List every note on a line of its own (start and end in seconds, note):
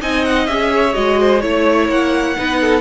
0.00 0.47 C4
0.00 0.47 D#4
0.00 0.71 D#5
0.00 0.24 G#5
0.24 0.46 F#5
0.46 0.95 C#4
0.46 0.93 G#4
0.46 0.94 E5
0.75 1.20 C#5
0.93 1.43 G#3
0.93 1.40 F#4
0.93 1.40 D#5
1.20 1.42 C5
1.40 1.88 A3
1.40 2.36 E4
1.40 1.87 C#5
1.40 2.37 C#5
1.88 2.35 A#3
1.88 2.81 F#5
2.36 2.81 B3
2.36 2.81 D#4
2.36 2.61 B4
2.61 2.81 A4